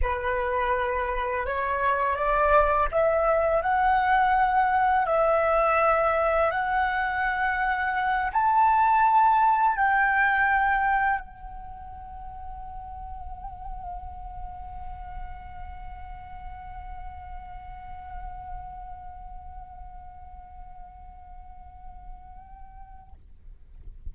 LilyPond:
\new Staff \with { instrumentName = "flute" } { \time 4/4 \tempo 4 = 83 b'2 cis''4 d''4 | e''4 fis''2 e''4~ | e''4 fis''2~ fis''8 a''8~ | a''4. g''2 fis''8~ |
fis''1~ | fis''1~ | fis''1~ | fis''1 | }